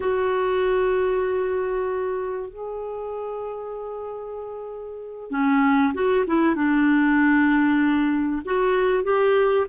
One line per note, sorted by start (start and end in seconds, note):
0.00 2.49 F#4
2.49 5.30 G#4
5.30 5.93 C#4
5.94 6.25 F#4
6.26 6.55 E4
6.55 8.42 D4
8.45 9.03 F#4
9.03 9.66 G4